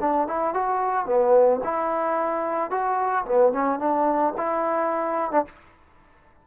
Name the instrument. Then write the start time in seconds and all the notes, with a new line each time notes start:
trombone
0.00 D4
0.27 E4
0.53 F#4
1.06 B3
1.63 E4
2.70 F#4
3.25 B3
3.52 C#4
3.79 D4
4.37 E4
5.31 D4